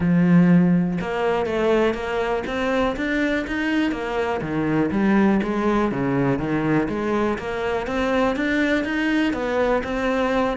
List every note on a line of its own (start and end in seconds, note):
0.00 0.98 F3
1.00 1.46 A#3
1.46 1.94 A3
1.94 2.43 A#3
2.46 2.96 C4
2.96 3.45 D4
3.47 3.91 D#4
3.91 4.40 A#3
4.41 4.90 D#3
4.91 5.40 G3
5.42 5.91 G#3
5.91 6.38 C#3
6.38 6.88 D#3
6.88 7.37 G#3
7.38 7.86 A#3
7.86 8.35 C4
8.36 8.84 D4
8.84 9.33 D#4
9.33 9.82 B3
9.83 10.57 C4